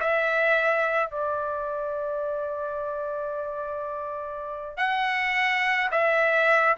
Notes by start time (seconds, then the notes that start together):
0.00 E5
1.10 D5
4.77 F#5
5.91 E5